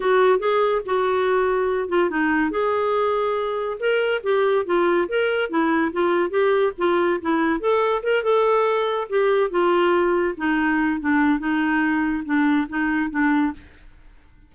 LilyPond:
\new Staff \with { instrumentName = "clarinet" } { \time 4/4 \tempo 4 = 142 fis'4 gis'4 fis'2~ | fis'8 f'8 dis'4 gis'2~ | gis'4 ais'4 g'4 f'4 | ais'4 e'4 f'4 g'4 |
f'4 e'4 a'4 ais'8 a'8~ | a'4. g'4 f'4.~ | f'8 dis'4. d'4 dis'4~ | dis'4 d'4 dis'4 d'4 | }